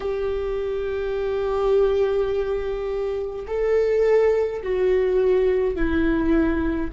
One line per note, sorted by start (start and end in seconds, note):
0.00 3.46 G4
3.47 4.62 A4
4.63 5.75 F#4
5.75 6.91 E4